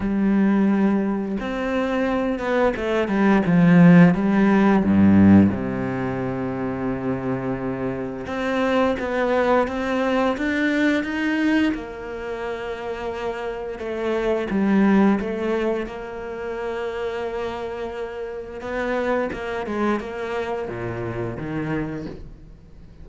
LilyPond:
\new Staff \with { instrumentName = "cello" } { \time 4/4 \tempo 4 = 87 g2 c'4. b8 | a8 g8 f4 g4 g,4 | c1 | c'4 b4 c'4 d'4 |
dis'4 ais2. | a4 g4 a4 ais4~ | ais2. b4 | ais8 gis8 ais4 ais,4 dis4 | }